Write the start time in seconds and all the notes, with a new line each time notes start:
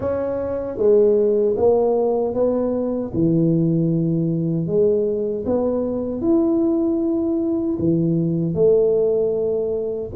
0.00 C#4
0.77 G#3
1.56 A#3
2.33 B3
3.13 E3
4.66 G#3
5.45 B3
6.21 E4
7.79 E3
8.54 A3